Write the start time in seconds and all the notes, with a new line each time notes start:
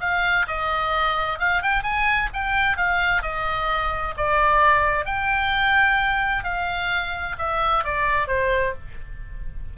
0.00 F5
0.47 D#5
1.39 F5
1.62 G5
1.83 G#5
2.33 G5
2.77 F5
3.22 D#5
4.17 D5
5.05 G5
6.44 F5
7.38 E5
7.84 D5
8.27 C5